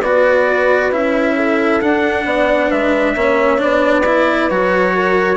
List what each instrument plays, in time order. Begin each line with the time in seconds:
0.00 bassoon B3, cello F#4, horn B4, trumpet D5
0.91 bassoon C#4, cello E4, trumpet E5
1.36 horn A4
1.81 cello D4, bassoon D4, trumpet F#5
2.25 bassoon B3, horn D5
2.68 bassoon G#3, horn B4, trumpet E5
3.14 bassoon A#3, cello C#4, horn C#5
3.58 bassoon B3, cello D4, trumpet D5
4.06 cello E4, horn B4
4.50 bassoon F#3, cello F#4, trumpet C#5
4.94 horn A#4